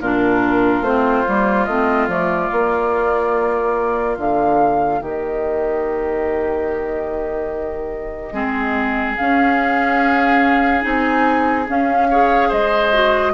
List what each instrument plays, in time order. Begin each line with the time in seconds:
0.00 bassoon A#2, clarinet D4, oboe F4, flute A#4
0.81 bassoon A3, clarinet C4, flute C5
1.27 bassoon G3, clarinet A#3
1.65 bassoon A3, clarinet C4, flute D#5
2.08 bassoon F3, clarinet A3, flute D5
2.52 clarinet A#3, bassoon A#3
4.18 bassoon D3, flute F5
5.00 bassoon D#3, oboe G4, flute D#5
8.32 bassoon G#3, clarinet C4, oboe G#4
9.16 clarinet C#4, bassoon C#4, flute F5
10.82 bassoon C4, clarinet D#4, flute G#5
11.68 clarinet C#4, bassoon C#4, flute F5
12.10 clarinet G#4, oboe C#5
12.48 bassoon G#3, oboe C5, flute D#5
12.93 clarinet F#4